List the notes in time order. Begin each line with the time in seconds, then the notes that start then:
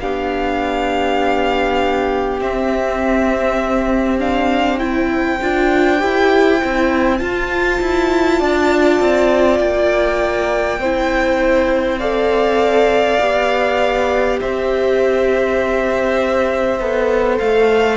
0.00 B3 D4 G4 F5
2.40 C4 E5
4.19 D4 F5
4.79 E4 C5 G5
5.42 D4 F4
5.99 E4 G4
6.61 C4 E4
7.17 F4 A5
7.81 E4
8.40 D4 D5
9.00 C4
9.59 A#3 G5
10.79 C4 E4 C5
11.99 A4 D5 F5
13.20 B3 G4
14.41 C4 C5 E5
16.80 B3 A4
17.38 A3 F5